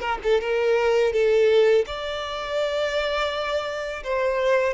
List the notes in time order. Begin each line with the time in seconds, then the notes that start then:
0.00 A#4
0.23 A4
0.40 A#4
1.12 A4
1.86 D5
4.03 C5